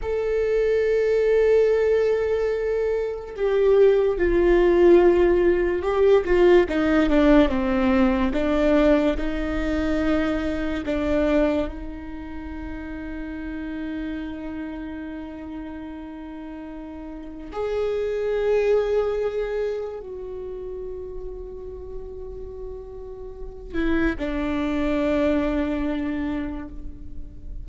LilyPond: \new Staff \with { instrumentName = "viola" } { \time 4/4 \tempo 4 = 72 a'1 | g'4 f'2 g'8 f'8 | dis'8 d'8 c'4 d'4 dis'4~ | dis'4 d'4 dis'2~ |
dis'1~ | dis'4 gis'2. | fis'1~ | fis'8 e'8 d'2. | }